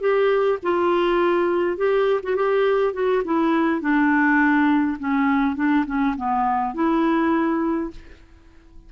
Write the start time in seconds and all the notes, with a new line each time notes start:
0.00 G4
0.62 F4
1.77 G4
2.23 F#4
2.36 G4
2.93 F#4
3.24 E4
3.81 D4
4.99 C#4
5.56 D4
5.86 C#4
6.16 B3
6.74 E4